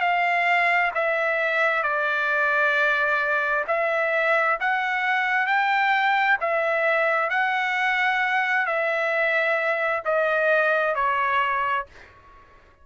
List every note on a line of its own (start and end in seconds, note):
0.00 0.91 F5
0.95 1.83 E5
1.83 3.64 D5
3.67 4.58 E5
4.60 5.46 F#5
5.46 6.37 G5
6.40 7.30 E5
7.30 8.66 F#5
8.66 10.02 E5
10.05 10.95 D#5
10.95 11.86 C#5